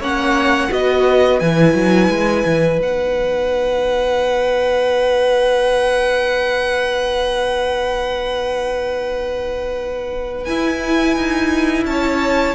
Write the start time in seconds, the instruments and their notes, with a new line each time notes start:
0.00 cello A#3, viola C#4, violin C#5 F#5
0.70 cello B3, viola F#4, violin B4 D#5
1.40 cello E3, viola E4, violin G#5
1.75 cello F#3
2.09 cello G#3
2.46 cello E3
2.80 cello B3, viola D#4, violin F#5
10.45 viola E4, cello E4, violin G#5
11.16 cello D#4
11.85 cello C#4, violin C#5 A5